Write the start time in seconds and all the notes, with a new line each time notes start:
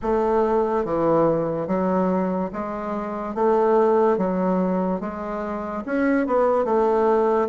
0.02 A3
0.84 E3
1.67 F#3
2.52 G#3
3.34 A3
4.17 F#3
5.00 G#3
5.85 C#4
6.26 B3
6.64 A3